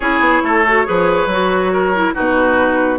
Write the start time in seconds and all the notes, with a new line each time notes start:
0.00 C#4 E4 G#4 C#5
0.19 B3
0.43 A3 A4
0.67 F#4
0.85 F3 G#4 B4
1.26 F#3 F#4
1.73 A#4
1.94 E4
2.14 B2 D#4 F#4 B4